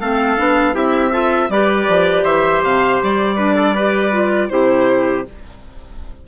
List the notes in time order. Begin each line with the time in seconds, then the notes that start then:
0.00 A3 C4 A4 F5
0.37 B3 D4
0.73 C4 E4 G4 E5
1.12 F4 A4
1.49 G3 G4 B4 D5
1.89 F3
2.24 E3 C5 E5
2.63 C3 F5
3.03 G3 D5
3.36 D4 B4
3.55 A4
3.75 G4 B4
4.12 F4
4.49 C3 E4 G4 C5